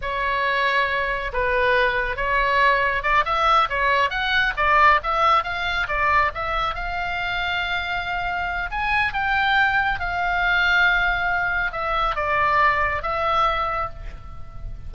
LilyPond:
\new Staff \with { instrumentName = "oboe" } { \time 4/4 \tempo 4 = 138 cis''2. b'4~ | b'4 cis''2 d''8 e''8~ | e''8 cis''4 fis''4 d''4 e''8~ | e''8 f''4 d''4 e''4 f''8~ |
f''1 | gis''4 g''2 f''4~ | f''2. e''4 | d''2 e''2 | }